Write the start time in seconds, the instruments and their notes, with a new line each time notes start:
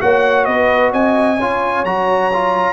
0.00 tuba A#3, trombone F#4, horn C#5, trumpet F#5
0.45 tuba B3, horn B4, trumpet D#5
0.92 tuba C4, horn D#5, trumpet G#5
1.37 tuba C#4, trombone F4, horn C#5
1.84 tuba F#3, trombone F#4, trumpet A#5
2.33 trombone F4